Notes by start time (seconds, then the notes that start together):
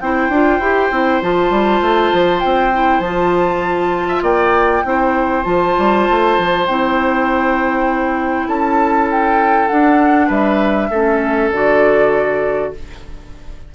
0.00 C4 E4 C5 G5
0.29 D4 F4
0.59 E4 G4
0.91 C4 E4
1.21 F3 F4 A5
1.50 G3
1.81 A3
2.12 F3
2.39 C4 G5
2.73 E4
2.99 F3 F4 A5
4.08 E5
4.22 A#3 D5 G5
4.84 C4 E4 C5
5.43 F3 F4 A5
5.78 G3
6.10 A3
6.38 F3
6.66 C4 E4 G5
8.47 C#4 A4 A5
9.11 G5
9.68 D4 F#5
10.27 G3 B4 E5
10.90 A3 C#4 A4
11.51 D3 F#4 D5